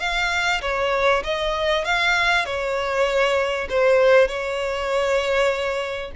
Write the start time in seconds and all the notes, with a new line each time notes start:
0.00 F5
0.62 C#5
1.24 D#5
1.85 F5
2.46 C#5
3.70 C5
4.28 C#5